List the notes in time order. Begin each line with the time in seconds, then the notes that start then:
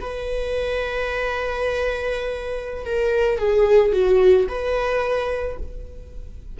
0.00 B4
2.85 A#4
3.38 G#4
3.92 F#4
4.48 B4